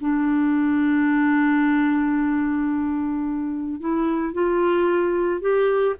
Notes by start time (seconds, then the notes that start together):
0.00 D4
3.80 E4
4.33 F4
5.41 G4